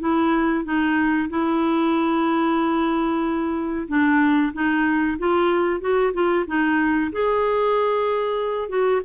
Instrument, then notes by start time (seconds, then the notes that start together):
clarinet
0.00 E4
0.65 D#4
1.30 E4
3.88 D4
4.54 D#4
5.19 F4
5.81 F#4
6.13 F4
6.47 D#4
7.13 G#4
8.69 F#4